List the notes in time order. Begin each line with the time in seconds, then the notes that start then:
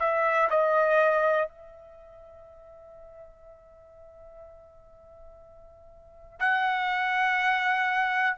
0.00 E5
0.50 D#5
1.48 E5
6.40 F#5